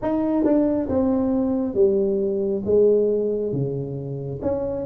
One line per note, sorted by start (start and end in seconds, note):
0.02 0.44 D#4
0.44 0.88 D4
0.89 1.74 C4
1.74 2.62 G3
2.65 3.52 G#3
3.52 4.40 C#3
4.42 4.85 C#4